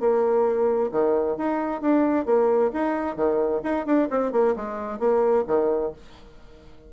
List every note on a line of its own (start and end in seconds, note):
0.00 0.91 A#3
0.92 1.37 D#3
1.37 1.81 D#4
1.81 2.26 D4
2.26 2.71 A#3
2.73 3.16 D#4
3.16 3.61 D#3
3.63 3.86 D#4
3.86 4.08 D4
4.11 4.32 C4
4.32 4.55 A#3
4.56 4.99 G#3
4.99 5.44 A#3
5.47 5.92 D#3